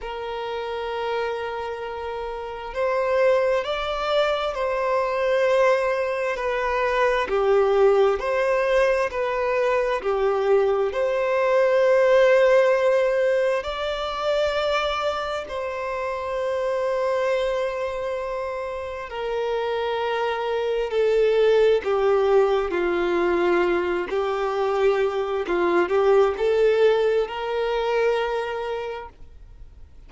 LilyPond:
\new Staff \with { instrumentName = "violin" } { \time 4/4 \tempo 4 = 66 ais'2. c''4 | d''4 c''2 b'4 | g'4 c''4 b'4 g'4 | c''2. d''4~ |
d''4 c''2.~ | c''4 ais'2 a'4 | g'4 f'4. g'4. | f'8 g'8 a'4 ais'2 | }